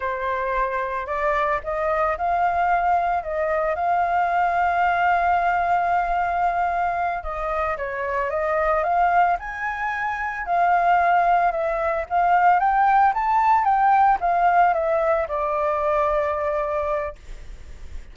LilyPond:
\new Staff \with { instrumentName = "flute" } { \time 4/4 \tempo 4 = 112 c''2 d''4 dis''4 | f''2 dis''4 f''4~ | f''1~ | f''4. dis''4 cis''4 dis''8~ |
dis''8 f''4 gis''2 f''8~ | f''4. e''4 f''4 g''8~ | g''8 a''4 g''4 f''4 e''8~ | e''8 d''2.~ d''8 | }